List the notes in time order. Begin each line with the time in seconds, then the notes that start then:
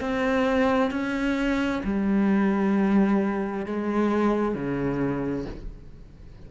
0.00 C4
0.90 C#4
1.83 G3
3.66 G#3
4.54 C#3